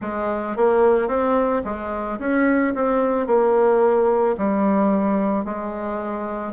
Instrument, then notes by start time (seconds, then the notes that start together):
bassoon
0.01 G#3
0.56 A#3
1.08 C4
1.64 G#3
2.19 C#4
2.74 C4
3.27 A#3
4.37 G3
5.44 G#3